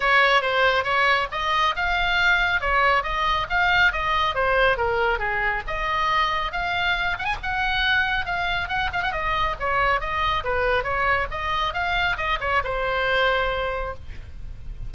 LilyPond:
\new Staff \with { instrumentName = "oboe" } { \time 4/4 \tempo 4 = 138 cis''4 c''4 cis''4 dis''4 | f''2 cis''4 dis''4 | f''4 dis''4 c''4 ais'4 | gis'4 dis''2 f''4~ |
f''8 fis''16 gis''16 fis''2 f''4 | fis''8 f''16 fis''16 dis''4 cis''4 dis''4 | b'4 cis''4 dis''4 f''4 | dis''8 cis''8 c''2. | }